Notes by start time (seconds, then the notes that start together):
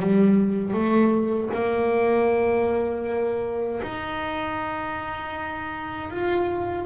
0.00 G3
0.74 A3
1.54 A#3
3.83 D#4
6.10 F4